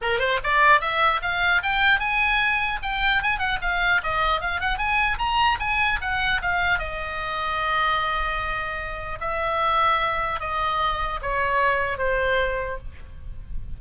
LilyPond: \new Staff \with { instrumentName = "oboe" } { \time 4/4 \tempo 4 = 150 ais'8 c''8 d''4 e''4 f''4 | g''4 gis''2 g''4 | gis''8 fis''8 f''4 dis''4 f''8 fis''8 | gis''4 ais''4 gis''4 fis''4 |
f''4 dis''2.~ | dis''2. e''4~ | e''2 dis''2 | cis''2 c''2 | }